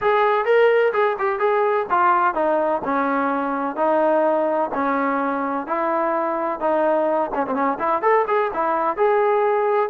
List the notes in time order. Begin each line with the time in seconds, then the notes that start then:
0.01 G#4
0.45 A#4
0.93 G#4
1.18 G4
1.39 G#4
1.90 F4
2.34 D#4
2.84 C#4
3.76 D#4
4.74 C#4
5.66 E4
6.59 D#4
7.34 C#4
7.46 C4
7.54 C#4
7.79 E4
8.02 A4
8.27 G#4
8.53 E4
8.97 G#4